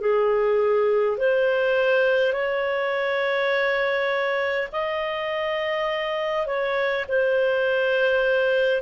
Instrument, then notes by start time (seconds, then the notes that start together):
clarinet
0.00 G#4
1.17 C5
2.33 C#5
4.72 D#5
6.46 C#5
7.08 C5